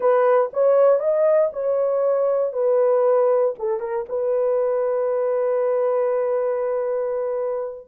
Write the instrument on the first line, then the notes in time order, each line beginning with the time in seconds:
horn
0.00 B4
0.53 C#5
0.99 D#5
1.52 C#5
2.52 B4
3.58 A4
3.80 A#4
4.08 B4